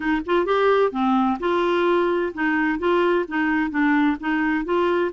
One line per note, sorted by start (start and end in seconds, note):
0.00 0.21 D#4
0.26 0.45 F4
0.45 0.91 G4
0.91 1.38 C4
1.39 2.32 F4
2.34 2.79 D#4
2.79 3.25 F4
3.27 3.70 D#4
3.70 4.16 D4
4.19 4.64 D#4
4.64 5.11 F4